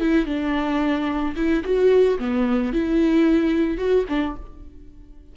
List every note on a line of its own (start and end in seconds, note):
0.00 0.26 E4
0.26 1.35 D4
1.36 1.64 E4
1.64 2.19 F#4
2.19 2.73 B3
2.73 3.78 E4
3.78 4.05 F#4
4.09 4.36 D4